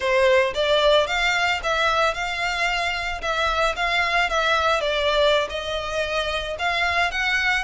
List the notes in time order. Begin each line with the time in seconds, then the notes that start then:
0.00 C5
0.54 D5
1.07 F5
1.63 E5
2.14 F5
3.21 E5
3.76 F5
4.29 E5
4.81 D5
5.49 D#5
6.58 F5
7.11 F#5